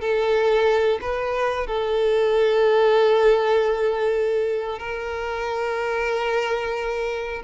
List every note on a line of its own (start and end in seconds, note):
0.00 0.99 A4
1.01 1.67 B4
1.67 4.79 A4
4.79 7.42 A#4